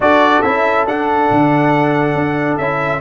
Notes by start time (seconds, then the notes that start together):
0.00 D4 F#4 A4 D5
0.41 C#4 E4 E5
0.86 D4 F#5
1.30 D3
2.14 D4
2.57 C#4 E4 E5